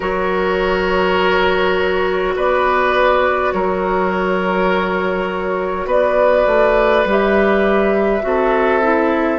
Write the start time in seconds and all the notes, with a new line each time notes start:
0.00 F#3 F#4 A#4 C#5
2.36 B3 B4 D5
3.52 F#3 A#4 C#5
5.85 B3 B4 D5
6.46 A3
7.04 G3 G4 E5
8.21 C4 F#4 A4
8.82 E4